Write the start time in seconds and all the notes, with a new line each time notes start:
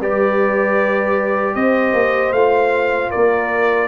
0.00 G3 G4 B4 D5
1.55 C4 C5 D#5
1.93 A#3
2.32 A3 F4 F5
3.11 A#3 A#4 D5